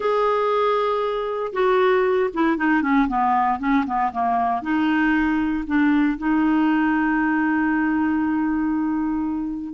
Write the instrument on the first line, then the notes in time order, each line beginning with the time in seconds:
clarinet
0.00 G#4
1.52 F#4
2.33 E4
2.57 D#4
2.81 C#4
3.07 B3
3.59 C#4
3.86 B3
4.12 A#3
4.62 D#4
5.66 D4
6.17 D#4